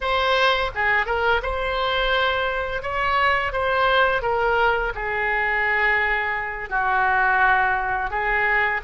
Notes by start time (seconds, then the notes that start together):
0.00 C5
0.74 G#4
1.06 A#4
1.42 C5
2.82 C#5
3.52 C5
4.22 A#4
4.94 G#4
6.69 F#4
8.10 G#4